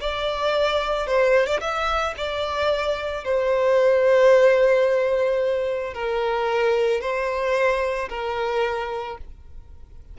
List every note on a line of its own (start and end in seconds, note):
0.00 1.07 D5
1.07 1.46 C5
1.46 1.60 D5
1.60 2.14 E5
2.17 3.24 D5
3.24 5.94 C5
5.94 7.00 A#4
7.00 8.09 C5
8.09 9.17 A#4